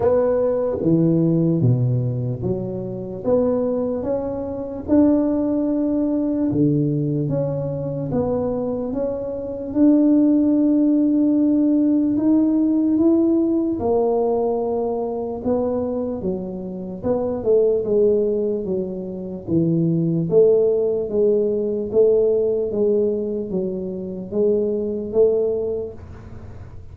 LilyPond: \new Staff \with { instrumentName = "tuba" } { \time 4/4 \tempo 4 = 74 b4 e4 b,4 fis4 | b4 cis'4 d'2 | d4 cis'4 b4 cis'4 | d'2. dis'4 |
e'4 ais2 b4 | fis4 b8 a8 gis4 fis4 | e4 a4 gis4 a4 | gis4 fis4 gis4 a4 | }